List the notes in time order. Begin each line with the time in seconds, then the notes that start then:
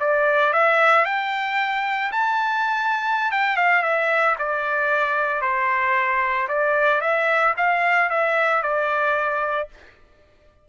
0.00 D5
0.53 E5
1.05 G5
2.12 A5
3.32 G5
3.57 F5
3.83 E5
4.39 D5
5.42 C5
6.49 D5
7.01 E5
7.57 F5
8.10 E5
8.63 D5